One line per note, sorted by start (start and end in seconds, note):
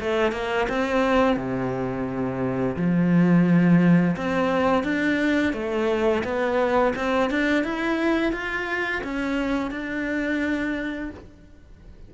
0.00 0.32 A3
0.32 0.67 A#3
0.69 1.36 C4
1.36 2.76 C3
2.77 4.16 F3
4.17 4.84 C4
4.84 5.53 D4
5.53 6.23 A3
6.24 6.94 B3
6.96 7.30 C4
7.30 7.64 D4
7.64 8.32 E4
8.32 9.02 F4
9.04 9.71 C#4
9.71 11.11 D4